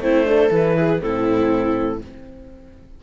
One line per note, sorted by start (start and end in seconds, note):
0.00 0.50 A3
0.00 0.25 C4
0.00 0.27 E4
0.00 0.52 C5
0.25 0.50 D4
0.25 0.77 A4
0.50 1.01 E3
0.50 1.00 E4
0.50 1.01 B4
0.77 1.02 G#4
1.00 2.01 A2
1.00 2.00 C4
1.00 2.03 E4
1.00 2.01 A4